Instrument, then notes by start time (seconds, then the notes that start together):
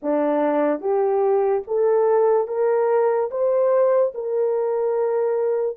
horn
0.02 D4
0.80 G4
1.67 A4
2.47 A#4
3.30 C5
4.14 A#4